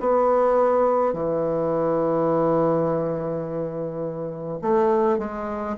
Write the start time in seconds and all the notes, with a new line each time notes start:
0.00 B3
1.13 E3
4.62 A3
5.18 G#3